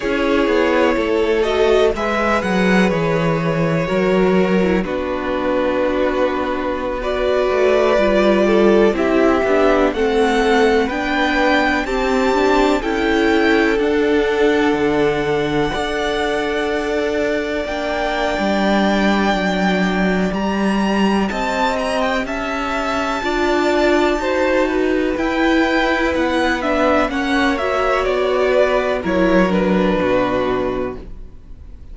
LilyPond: <<
  \new Staff \with { instrumentName = "violin" } { \time 4/4 \tempo 4 = 62 cis''4. dis''8 e''8 fis''8 cis''4~ | cis''4 b'2~ b'16 d''8.~ | d''4~ d''16 e''4 fis''4 g''8.~ | g''16 a''4 g''4 fis''4.~ fis''16~ |
fis''2~ fis''16 g''4.~ g''16~ | g''4 ais''4 a''8 ais''16 g''16 a''4~ | a''2 g''4 fis''8 e''8 | fis''8 e''8 d''4 cis''8 b'4. | }
  \new Staff \with { instrumentName = "violin" } { \time 4/4 gis'4 a'4 b'2 | ais'4 fis'2~ fis'16 b'8.~ | b'8. a'8 g'4 a'4 b'8.~ | b'16 g'4 a'2~ a'8.~ |
a'16 d''2.~ d''8.~ | d''2 dis''4 e''4 | d''4 c''8 b'2~ b'8 | cis''4. b'8 ais'4 fis'4 | }
  \new Staff \with { instrumentName = "viola" } { \time 4/4 e'4. fis'8 gis'2 | fis'8. e'16 d'2~ d'16 fis'8.~ | fis'16 f'4 e'8 d'8 c'4 d'8.~ | d'16 c'8 d'8 e'4 d'4.~ d'16~ |
d'16 a'2 d'4.~ d'16~ | d'4 g'2. | f'4 fis'4 e'4. d'8 | cis'8 fis'4. e'8 d'4. | }
  \new Staff \with { instrumentName = "cello" } { \time 4/4 cis'8 b8 a4 gis8 fis8 e4 | fis4 b2~ b8. a16~ | a16 g4 c'8 b8 a4 b8.~ | b16 c'4 cis'4 d'4 d8.~ |
d16 d'2 ais8. g4 | fis4 g4 c'4 cis'4 | d'4 dis'4 e'4 b4 | ais4 b4 fis4 b,4 | }
>>